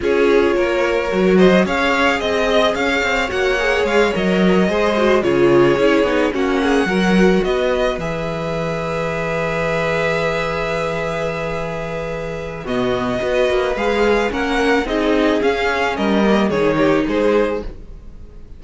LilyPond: <<
  \new Staff \with { instrumentName = "violin" } { \time 4/4 \tempo 4 = 109 cis''2~ cis''8 dis''8 f''4 | dis''4 f''4 fis''4 f''8 dis''8~ | dis''4. cis''2 fis''8~ | fis''4. dis''4 e''4.~ |
e''1~ | e''2. dis''4~ | dis''4 f''4 fis''4 dis''4 | f''4 dis''4 cis''4 c''4 | }
  \new Staff \with { instrumentName = "violin" } { \time 4/4 gis'4 ais'4. c''8 cis''4 | dis''4 cis''2.~ | cis''8 c''4 gis'2 fis'8 | gis'8 ais'4 b'2~ b'8~ |
b'1~ | b'2. fis'4 | b'2 ais'4 gis'4~ | gis'4 ais'4 gis'8 g'8 gis'4 | }
  \new Staff \with { instrumentName = "viola" } { \time 4/4 f'2 fis'4 gis'4~ | gis'2 fis'8 gis'4 ais'8~ | ais'8 gis'8 fis'8 f'4 e'8 dis'8 cis'8~ | cis'8 fis'2 gis'4.~ |
gis'1~ | gis'2. b4 | fis'4 gis'4 cis'4 dis'4 | cis'4. ais8 dis'2 | }
  \new Staff \with { instrumentName = "cello" } { \time 4/4 cis'4 ais4 fis4 cis'4 | c'4 cis'8 c'8 ais4 gis8 fis8~ | fis8 gis4 cis4 cis'8 b8 ais8~ | ais8 fis4 b4 e4.~ |
e1~ | e2. b,4 | b8 ais8 gis4 ais4 c'4 | cis'4 g4 dis4 gis4 | }
>>